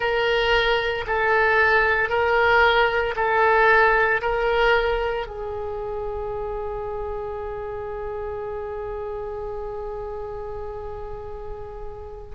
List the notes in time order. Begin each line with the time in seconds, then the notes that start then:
0.00 A#4
1.06 A4
2.09 A#4
3.16 A4
4.21 A#4
5.26 G#4